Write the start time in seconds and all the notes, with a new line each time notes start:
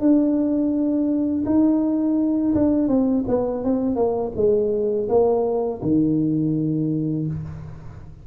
0.00 D4
1.46 D#4
2.55 D4
2.88 C4
3.28 B3
3.64 C4
3.96 A#3
4.36 G#3
5.09 A#3
5.82 D#3